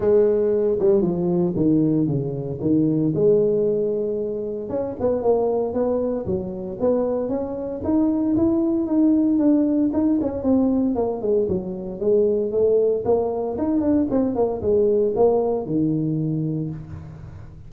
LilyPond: \new Staff \with { instrumentName = "tuba" } { \time 4/4 \tempo 4 = 115 gis4. g8 f4 dis4 | cis4 dis4 gis2~ | gis4 cis'8 b8 ais4 b4 | fis4 b4 cis'4 dis'4 |
e'4 dis'4 d'4 dis'8 cis'8 | c'4 ais8 gis8 fis4 gis4 | a4 ais4 dis'8 d'8 c'8 ais8 | gis4 ais4 dis2 | }